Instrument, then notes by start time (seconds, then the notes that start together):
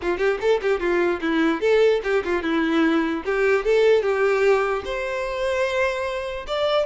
violin
0.01 F4
0.18 G4
0.40 A4
0.62 G4
0.80 F4
1.21 E4
1.61 A4
2.03 G4
2.24 F4
2.42 E4
3.25 G4
3.64 A4
4.02 G4
4.84 C5
6.47 D5